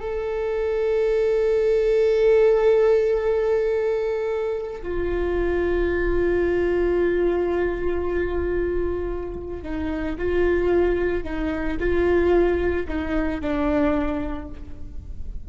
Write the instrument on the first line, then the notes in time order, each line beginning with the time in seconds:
viola
0.00 A4
4.83 F4
9.63 D#4
10.18 F4
11.24 D#4
11.80 F4
12.88 D#4
13.41 D4